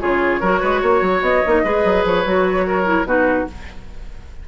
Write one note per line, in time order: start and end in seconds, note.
0.00 0.41 C#3
0.00 0.41 F4
0.00 0.40 G#4
0.00 1.22 C#5
0.40 0.61 F#3
0.40 1.45 F#4
0.40 0.60 A#4
0.60 0.82 G#3
0.60 0.81 B4
0.81 1.01 A#3
0.81 1.62 C#5
1.01 1.21 F#3
1.21 1.42 B3
1.21 2.04 D#5
1.46 1.64 A#3
1.46 1.64 D#4
1.64 1.84 G#3
1.64 2.25 G#4
1.64 2.66 B4
1.84 2.04 F#3
2.04 2.25 F3
2.04 3.07 C#5
2.25 3.04 F#3
2.25 2.85 F#4
2.66 3.07 A#4
2.85 3.05 E4
3.04 3.45 B2
3.04 3.47 D#4
3.04 3.48 F#4
3.04 3.47 B4